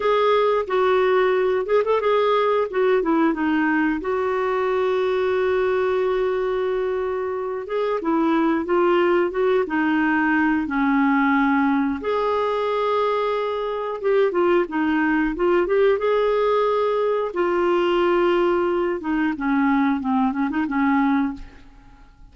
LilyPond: \new Staff \with { instrumentName = "clarinet" } { \time 4/4 \tempo 4 = 90 gis'4 fis'4. gis'16 a'16 gis'4 | fis'8 e'8 dis'4 fis'2~ | fis'2.~ fis'8 gis'8 | e'4 f'4 fis'8 dis'4. |
cis'2 gis'2~ | gis'4 g'8 f'8 dis'4 f'8 g'8 | gis'2 f'2~ | f'8 dis'8 cis'4 c'8 cis'16 dis'16 cis'4 | }